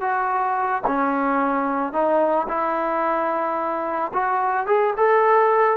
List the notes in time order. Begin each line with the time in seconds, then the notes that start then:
0.00 F#4
0.87 C#4
1.92 D#4
2.48 E4
4.13 F#4
4.66 G#4
4.97 A4